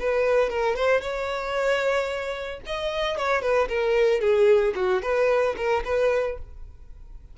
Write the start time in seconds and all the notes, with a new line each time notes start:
0.00 B4
0.50 A#4
0.76 C5
1.01 C#5
2.66 D#5
3.18 C#5
3.42 B4
3.69 A#4
4.21 G#4
4.76 F#4
5.02 B4
5.57 A#4
5.85 B4